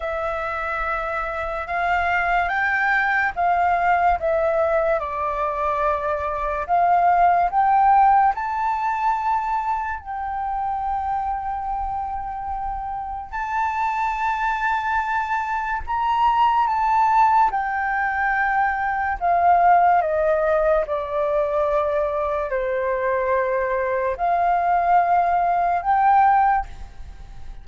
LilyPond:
\new Staff \with { instrumentName = "flute" } { \time 4/4 \tempo 4 = 72 e''2 f''4 g''4 | f''4 e''4 d''2 | f''4 g''4 a''2 | g''1 |
a''2. ais''4 | a''4 g''2 f''4 | dis''4 d''2 c''4~ | c''4 f''2 g''4 | }